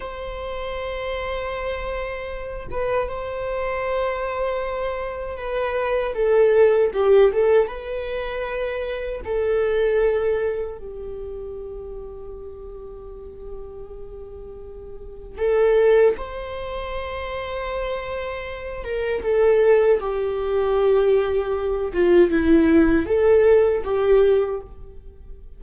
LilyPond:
\new Staff \with { instrumentName = "viola" } { \time 4/4 \tempo 4 = 78 c''2.~ c''8 b'8 | c''2. b'4 | a'4 g'8 a'8 b'2 | a'2 g'2~ |
g'1 | a'4 c''2.~ | c''8 ais'8 a'4 g'2~ | g'8 f'8 e'4 a'4 g'4 | }